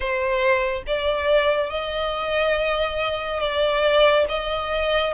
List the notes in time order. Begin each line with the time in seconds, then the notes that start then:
0.00 C5
0.86 D5
1.69 D#5
3.39 D5
4.28 D#5